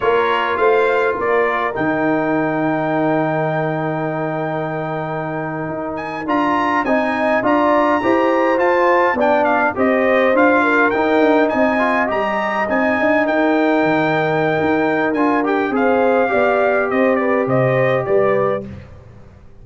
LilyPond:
<<
  \new Staff \with { instrumentName = "trumpet" } { \time 4/4 \tempo 4 = 103 cis''4 f''4 d''4 g''4~ | g''1~ | g''2~ g''16 gis''8 ais''4 gis''16~ | gis''8. ais''2 a''4 g''16~ |
g''16 f''8 dis''4 f''4 g''4 gis''16~ | gis''8. ais''4 gis''4 g''4~ g''16~ | g''2 gis''8 g''8 f''4~ | f''4 dis''8 d''8 dis''4 d''4 | }
  \new Staff \with { instrumentName = "horn" } { \time 4/4 ais'4 c''4 ais'2~ | ais'1~ | ais'2.~ ais'8. dis''16~ | dis''8. d''4 c''2 d''16~ |
d''8. c''4. ais'4. dis''16~ | dis''2~ dis''8. ais'4~ ais'16~ | ais'2. c''4 | d''4 c''8 b'8 c''4 b'4 | }
  \new Staff \with { instrumentName = "trombone" } { \time 4/4 f'2. dis'4~ | dis'1~ | dis'2~ dis'8. f'4 dis'16~ | dis'8. f'4 g'4 f'4 d'16~ |
d'8. g'4 f'4 dis'4~ dis'16~ | dis'16 f'8 g'4 dis'2~ dis'16~ | dis'2 f'8 g'8 gis'4 | g'1 | }
  \new Staff \with { instrumentName = "tuba" } { \time 4/4 ais4 a4 ais4 dis4~ | dis1~ | dis4.~ dis16 dis'4 d'4 c'16~ | c'8. d'4 e'4 f'4 b16~ |
b8. c'4 d'4 dis'8 d'8 c'16~ | c'8. g4 c'8 d'8 dis'4 dis16~ | dis4 dis'4 d'4 c'4 | b4 c'4 c4 g4 | }
>>